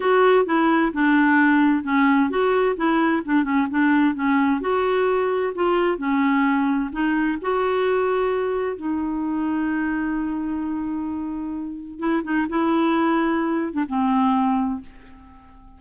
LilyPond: \new Staff \with { instrumentName = "clarinet" } { \time 4/4 \tempo 4 = 130 fis'4 e'4 d'2 | cis'4 fis'4 e'4 d'8 cis'8 | d'4 cis'4 fis'2 | f'4 cis'2 dis'4 |
fis'2. dis'4~ | dis'1~ | dis'2 e'8 dis'8 e'4~ | e'4.~ e'16 d'16 c'2 | }